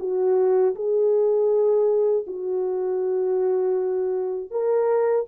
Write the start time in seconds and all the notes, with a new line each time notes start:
0.00 F#4
0.76 G#4
2.27 F#4
4.51 A#4